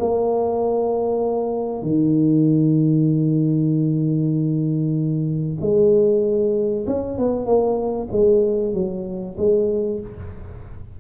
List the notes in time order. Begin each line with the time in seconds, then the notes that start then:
0.00 A#3
1.83 D#3
5.61 G#3
6.87 C#4
7.18 B3
7.45 A#3
8.12 G#3
8.74 F#3
9.38 G#3